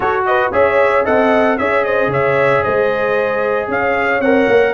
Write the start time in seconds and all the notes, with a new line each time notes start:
0.00 F#4 A4 C#5
0.26 B4 D#5
0.52 C#4 G#4 C#5 E5
1.04 C4 A4 D#5 F#5
1.58 C#4 G#4 C#5 E5
1.84 C5 D#5
2.07 C#3 C#5 E5
2.62 G#3 C5 D#5
3.68 C#4 C#5 F5
4.20 C4 A#4 F#5
4.47 A#3